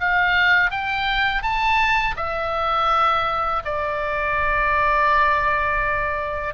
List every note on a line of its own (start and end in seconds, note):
0.00 0.71 F5
0.71 1.42 G5
1.42 2.16 A5
2.17 3.63 E5
3.65 6.54 D5